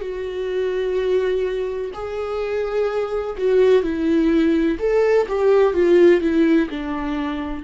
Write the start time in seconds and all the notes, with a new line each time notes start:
0.00 F#4
1.93 G#4
3.37 F#4
3.83 E4
4.79 A4
5.28 G4
5.73 F4
6.21 E4
6.69 D4